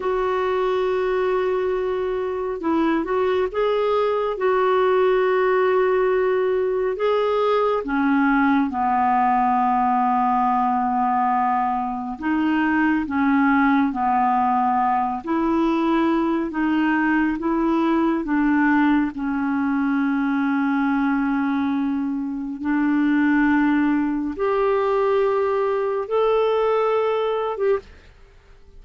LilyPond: \new Staff \with { instrumentName = "clarinet" } { \time 4/4 \tempo 4 = 69 fis'2. e'8 fis'8 | gis'4 fis'2. | gis'4 cis'4 b2~ | b2 dis'4 cis'4 |
b4. e'4. dis'4 | e'4 d'4 cis'2~ | cis'2 d'2 | g'2 a'4.~ a'16 g'16 | }